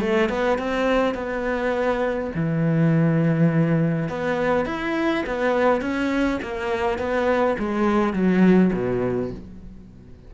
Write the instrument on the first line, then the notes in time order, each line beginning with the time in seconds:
cello
0.00 A3
0.29 B3
0.58 C4
1.14 B3
2.35 E3
4.08 B3
4.65 E4
5.26 B3
5.81 C#4
6.42 A#3
6.98 B3
7.59 G#3
8.13 F#3
8.73 B2